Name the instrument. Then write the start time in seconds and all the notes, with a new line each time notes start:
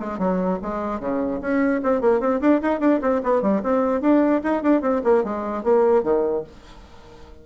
bassoon
0.00 G#3
0.19 F#3
0.62 G#3
1.00 C#3
1.41 C#4
1.83 C4
2.01 A#3
2.20 C4
2.41 D4
2.62 D#4
2.80 D4
3.02 C4
3.24 B3
3.42 G3
3.64 C4
4.01 D4
4.43 D#4
4.63 D4
4.82 C4
5.04 A#3
5.24 G#3
5.64 A#3
6.03 D#3